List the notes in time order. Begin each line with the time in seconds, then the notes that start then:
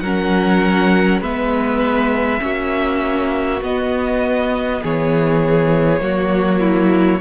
0.00 F#3 C#4 A#4 F#5
1.21 G#3 B3 B4 E5
2.39 A#3 C#4 F#4
3.62 B3 D#5
4.82 E3 G#4 C#5
6.00 F#3 A#3 F#4
6.60 E4